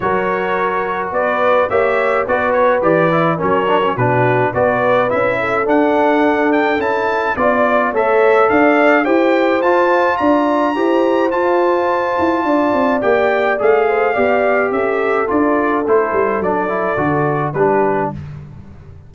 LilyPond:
<<
  \new Staff \with { instrumentName = "trumpet" } { \time 4/4 \tempo 4 = 106 cis''2 d''4 e''4 | d''8 cis''8 d''4 cis''4 b'4 | d''4 e''4 fis''4. g''8 | a''4 d''4 e''4 f''4 |
g''4 a''4 ais''2 | a''2. g''4 | f''2 e''4 d''4 | c''4 d''2 b'4 | }
  \new Staff \with { instrumentName = "horn" } { \time 4/4 ais'2 b'4 cis''4 | b'2 ais'4 fis'4 | b'4. a'2~ a'8~ | a'4 d''4 cis''4 d''4 |
c''2 d''4 c''4~ | c''2 d''2~ | d''8 c''8 d''4 a'2~ | a'2. g'4 | }
  \new Staff \with { instrumentName = "trombone" } { \time 4/4 fis'2. g'4 | fis'4 g'8 e'8 cis'8 d'16 cis'16 d'4 | fis'4 e'4 d'2 | e'4 f'4 a'2 |
g'4 f'2 g'4 | f'2. g'4 | gis'4 g'2 f'4 | e'4 d'8 e'8 fis'4 d'4 | }
  \new Staff \with { instrumentName = "tuba" } { \time 4/4 fis2 b4 ais4 | b4 e4 fis4 b,4 | b4 cis'4 d'2 | cis'4 b4 a4 d'4 |
e'4 f'4 d'4 e'4 | f'4. e'8 d'8 c'8 ais4 | a4 b4 cis'4 d'4 | a8 g8 fis4 d4 g4 | }
>>